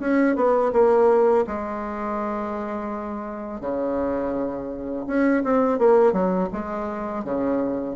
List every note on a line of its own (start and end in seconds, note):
0.00 0.36 C#4
0.36 0.72 B3
0.73 1.45 A#3
1.47 3.61 G#3
3.61 5.05 C#3
5.07 5.43 C#4
5.44 5.79 C4
5.79 6.13 A#3
6.13 6.49 F#3
6.53 7.24 G#3
7.24 7.96 C#3